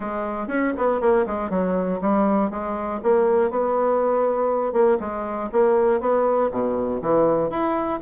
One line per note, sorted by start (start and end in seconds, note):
0.00 0.47 G#3
0.47 0.72 C#4
0.77 1.00 B3
1.00 1.25 A#3
1.26 1.50 G#3
1.50 2.00 F#3
2.01 2.50 G3
2.50 3.00 G#3
3.02 3.50 A#3
3.50 4.72 B3
4.72 4.97 A#3
5.00 5.50 G#3
5.52 6.00 A#3
6.00 6.50 B3
6.51 7.01 B2
7.01 7.50 E3
7.50 8.00 E4